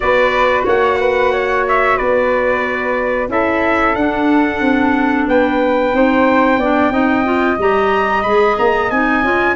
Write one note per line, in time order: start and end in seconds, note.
0.00 0.65 B3
0.00 3.28 F#4
0.00 0.65 B4
0.00 0.64 D5
0.65 1.97 A#3
0.65 0.98 C#5
0.65 1.66 F#5
0.99 1.31 B4
1.31 1.96 C#5
1.68 1.97 E5
1.96 3.28 B3
1.96 3.28 B4
1.96 3.29 D5
3.28 3.94 C#4
3.28 3.94 E4
3.28 5.29 A4
3.28 3.95 E5
3.95 4.60 D4
3.95 5.93 D4
3.95 5.27 F#5
4.60 5.26 C4
5.27 5.93 B3
5.27 5.95 B4
5.27 7.59 G5
5.93 6.58 C4
5.93 6.59 D#4
5.93 6.58 C5
6.58 6.90 B3
6.58 6.91 D4
6.58 6.91 D5
6.90 7.56 C4
6.90 7.24 D#4
6.90 9.55 D#5
7.24 7.57 F4
7.58 8.24 G3
7.58 8.25 G4
7.58 8.23 A#5
8.23 8.57 G#3
8.23 8.91 G#4
8.23 8.55 B5
8.58 8.90 A#3
8.58 8.90 A#5
8.90 9.22 C4
8.90 9.23 D#4
8.90 9.55 G#5
9.22 9.55 C#4
9.22 9.55 F4